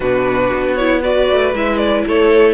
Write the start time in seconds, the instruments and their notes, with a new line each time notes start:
0.00 cello B2, viola D4, violin F#4 B4
0.53 cello B3
0.74 viola E4, violin C#5
1.02 viola F#4, violin B4 D5
1.30 cello A3
1.53 cello G#3, viola E4, violin E5
1.77 violin D5
2.06 cello A3, violin A4 C#5